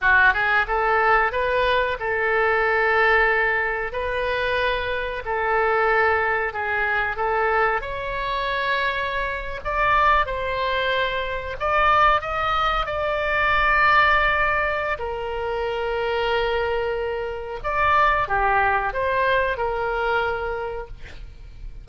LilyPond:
\new Staff \with { instrumentName = "oboe" } { \time 4/4 \tempo 4 = 92 fis'8 gis'8 a'4 b'4 a'4~ | a'2 b'2 | a'2 gis'4 a'4 | cis''2~ cis''8. d''4 c''16~ |
c''4.~ c''16 d''4 dis''4 d''16~ | d''2. ais'4~ | ais'2. d''4 | g'4 c''4 ais'2 | }